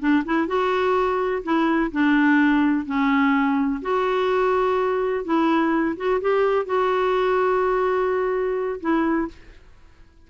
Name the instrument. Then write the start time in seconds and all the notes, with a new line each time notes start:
clarinet
0.00 D4
0.26 E4
0.48 F#4
1.44 E4
1.92 D4
2.86 C#4
3.82 F#4
5.25 E4
5.97 F#4
6.22 G4
6.66 F#4
8.81 E4